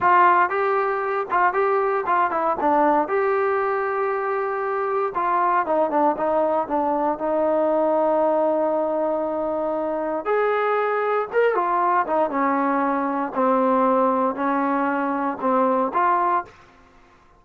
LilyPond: \new Staff \with { instrumentName = "trombone" } { \time 4/4 \tempo 4 = 117 f'4 g'4. f'8 g'4 | f'8 e'8 d'4 g'2~ | g'2 f'4 dis'8 d'8 | dis'4 d'4 dis'2~ |
dis'1 | gis'2 ais'8 f'4 dis'8 | cis'2 c'2 | cis'2 c'4 f'4 | }